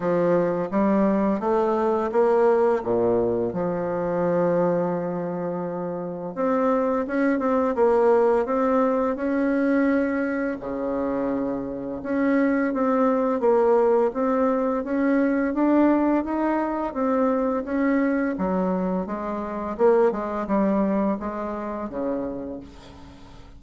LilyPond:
\new Staff \with { instrumentName = "bassoon" } { \time 4/4 \tempo 4 = 85 f4 g4 a4 ais4 | ais,4 f2.~ | f4 c'4 cis'8 c'8 ais4 | c'4 cis'2 cis4~ |
cis4 cis'4 c'4 ais4 | c'4 cis'4 d'4 dis'4 | c'4 cis'4 fis4 gis4 | ais8 gis8 g4 gis4 cis4 | }